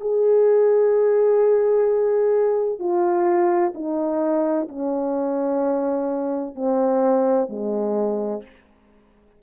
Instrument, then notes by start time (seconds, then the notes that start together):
horn
0.00 G#4
2.79 F4
3.74 D#4
4.68 C#4
6.55 C4
7.48 G#3